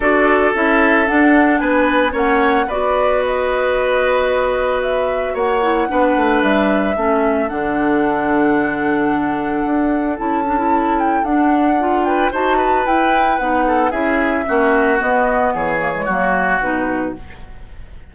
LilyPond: <<
  \new Staff \with { instrumentName = "flute" } { \time 4/4 \tempo 4 = 112 d''4 e''4 fis''4 gis''4 | fis''4 d''4 dis''2~ | dis''4 e''4 fis''2 | e''2 fis''2~ |
fis''2. a''4~ | a''8 g''8 fis''4. g''8 a''4 | g''4 fis''4 e''2 | dis''4 cis''2 b'4 | }
  \new Staff \with { instrumentName = "oboe" } { \time 4/4 a'2. b'4 | cis''4 b'2.~ | b'2 cis''4 b'4~ | b'4 a'2.~ |
a'1~ | a'2~ a'8 b'8 c''8 b'8~ | b'4. a'8 gis'4 fis'4~ | fis'4 gis'4 fis'2 | }
  \new Staff \with { instrumentName = "clarinet" } { \time 4/4 fis'4 e'4 d'2 | cis'4 fis'2.~ | fis'2~ fis'8 e'8 d'4~ | d'4 cis'4 d'2~ |
d'2. e'8 d'16 e'16~ | e'4 d'4 f'4 fis'4 | e'4 dis'4 e'4 cis'4 | b4. ais16 gis16 ais4 dis'4 | }
  \new Staff \with { instrumentName = "bassoon" } { \time 4/4 d'4 cis'4 d'4 b4 | ais4 b2.~ | b2 ais4 b8 a8 | g4 a4 d2~ |
d2 d'4 cis'4~ | cis'4 d'2 dis'4 | e'4 b4 cis'4 ais4 | b4 e4 fis4 b,4 | }
>>